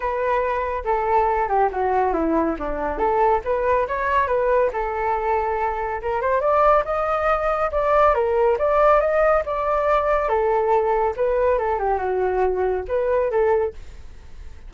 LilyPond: \new Staff \with { instrumentName = "flute" } { \time 4/4 \tempo 4 = 140 b'2 a'4. g'8 | fis'4 e'4 d'4 a'4 | b'4 cis''4 b'4 a'4~ | a'2 ais'8 c''8 d''4 |
dis''2 d''4 ais'4 | d''4 dis''4 d''2 | a'2 b'4 a'8 g'8 | fis'2 b'4 a'4 | }